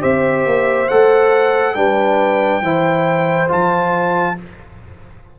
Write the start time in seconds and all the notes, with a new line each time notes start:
0.00 C4 G4 C5 E5
0.45 A#3
0.88 A3 A4 F#5
1.74 G3 D4 B4 G5
2.61 E3 E4 C5
3.48 F3 F4 A5